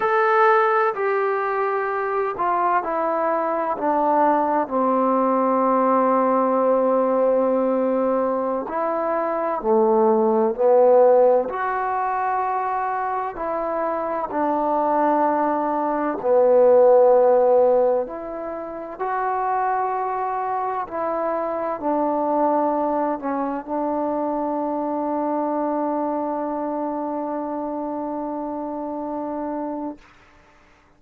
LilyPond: \new Staff \with { instrumentName = "trombone" } { \time 4/4 \tempo 4 = 64 a'4 g'4. f'8 e'4 | d'4 c'2.~ | c'4~ c'16 e'4 a4 b8.~ | b16 fis'2 e'4 d'8.~ |
d'4~ d'16 b2 e'8.~ | e'16 fis'2 e'4 d'8.~ | d'8. cis'8 d'2~ d'8.~ | d'1 | }